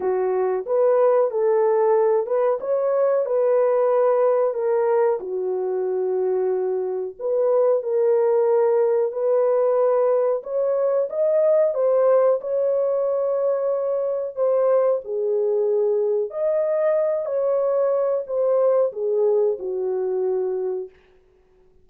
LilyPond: \new Staff \with { instrumentName = "horn" } { \time 4/4 \tempo 4 = 92 fis'4 b'4 a'4. b'8 | cis''4 b'2 ais'4 | fis'2. b'4 | ais'2 b'2 |
cis''4 dis''4 c''4 cis''4~ | cis''2 c''4 gis'4~ | gis'4 dis''4. cis''4. | c''4 gis'4 fis'2 | }